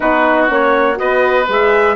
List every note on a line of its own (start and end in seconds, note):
0.00 0.50 B3
0.00 0.48 D#4
0.00 0.98 F#4
0.00 0.46 B4
0.48 0.99 A#3
0.48 0.94 C#4
0.48 0.98 C#5
0.94 1.48 B3
0.94 1.43 F#4
0.94 1.95 B4
0.94 1.48 D#5
1.48 1.95 G#3
1.48 1.95 G#4
1.48 1.95 E5